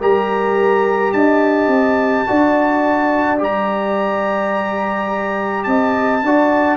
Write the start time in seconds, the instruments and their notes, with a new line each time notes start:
0.00 tuba G3, trombone G4, horn A#4, trumpet A#5
1.12 tuba D4, horn D#5, trumpet A5
1.67 tuba C4
2.27 tuba D4, trombone F#4, horn D5
3.38 tuba G3, trombone G4, trumpet A#5
5.63 tuba C4, horn D#5, trumpet A5
6.22 tuba D4, trombone F#4, horn D5